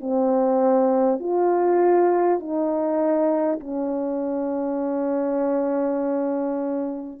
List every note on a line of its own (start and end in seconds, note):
0.00 1.19 C4
1.19 2.39 F4
2.39 3.59 D#4
3.59 7.19 C#4